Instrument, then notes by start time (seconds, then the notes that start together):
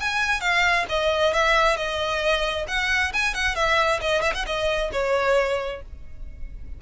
violin
0.00 G#5
0.41 F5
0.89 D#5
1.34 E5
1.76 D#5
2.68 F#5
3.13 G#5
3.34 F#5
3.55 E5
4.01 D#5
4.22 E5
4.34 F#5
4.46 D#5
4.92 C#5